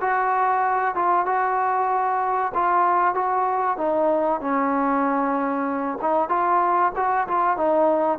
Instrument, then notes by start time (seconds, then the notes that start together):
trombone
0.00 F#4
0.95 F4
1.25 F#4
2.54 F4
3.14 F#4
3.77 D#4
4.40 C#4
6.01 D#4
6.29 F4
6.96 F#4
7.27 F4
7.57 D#4